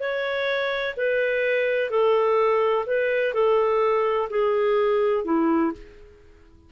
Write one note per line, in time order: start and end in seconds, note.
0.00 0.95 C#5
0.97 1.90 B4
1.90 2.86 A4
2.86 3.34 B4
3.34 4.29 A4
4.30 5.25 G#4
5.25 5.73 E4